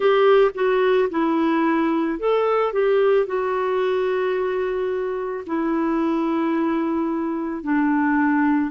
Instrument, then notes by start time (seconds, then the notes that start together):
clarinet
0.00 G4
0.54 F#4
1.10 E4
2.19 A4
2.72 G4
3.26 F#4
5.46 E4
7.63 D4